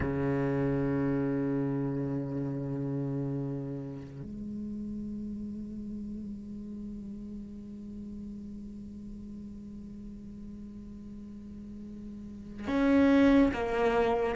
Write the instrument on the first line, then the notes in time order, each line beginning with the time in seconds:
cello
0.00 C#3
4.22 G#3
12.67 C#4
13.53 A#3